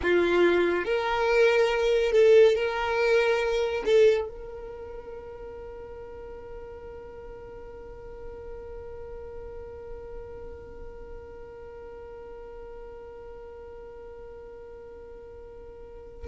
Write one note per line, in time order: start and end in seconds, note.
0.02 0.85 F4
0.85 2.12 A#4
2.12 2.55 A4
2.55 3.83 A#4
3.85 4.28 A4
4.28 16.27 A#4